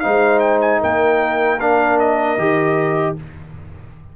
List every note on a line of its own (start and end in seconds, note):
0.00 0.83 G#3
0.00 1.58 D#4
0.00 0.81 C5
0.00 0.39 F5
0.39 0.59 G5
0.61 0.80 G#5
0.81 2.37 A#3
0.81 3.14 A#4
0.81 1.60 G5
1.60 2.38 D4
1.60 1.99 F5
1.99 3.16 D#5
2.37 3.15 D#3
2.37 3.16 G4